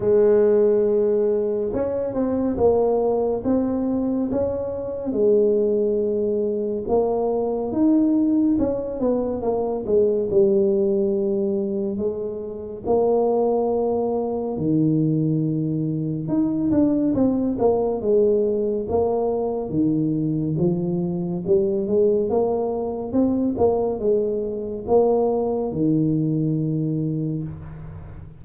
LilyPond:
\new Staff \with { instrumentName = "tuba" } { \time 4/4 \tempo 4 = 70 gis2 cis'8 c'8 ais4 | c'4 cis'4 gis2 | ais4 dis'4 cis'8 b8 ais8 gis8 | g2 gis4 ais4~ |
ais4 dis2 dis'8 d'8 | c'8 ais8 gis4 ais4 dis4 | f4 g8 gis8 ais4 c'8 ais8 | gis4 ais4 dis2 | }